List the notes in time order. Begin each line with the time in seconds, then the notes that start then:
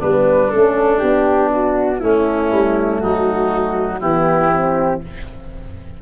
0.00 G3 B3 D4 B4
0.51 A3 C#4 A4
0.98 B3 D4 G4
1.52 F#4
2.00 A3 C#4 E4
2.52 G3
3.00 F#3 D#4 F#4
4.00 E3 B3 E4 G4
4.52 C4